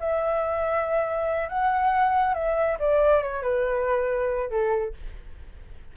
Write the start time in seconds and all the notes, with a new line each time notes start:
0.00 E5
1.49 F#5
2.34 E5
2.80 D5
3.23 C#5
3.42 B4
4.50 A4